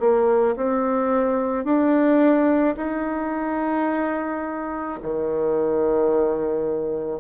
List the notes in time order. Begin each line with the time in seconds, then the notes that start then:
0.00 A#3
0.56 C4
1.65 D4
2.77 D#4
5.02 D#3